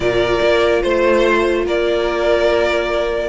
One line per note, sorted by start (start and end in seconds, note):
0.00 0.39 A#2
0.00 3.29 F4
0.00 0.82 A#4
0.00 0.82 D5
0.41 0.83 A#3
0.82 1.65 A3
0.82 1.65 C5
1.65 3.29 A#3
1.65 3.29 A#4
1.65 3.29 D5